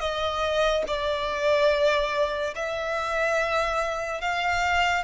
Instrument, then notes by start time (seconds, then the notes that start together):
violin
0.00 D#5
0.87 D5
2.56 E5
4.21 F5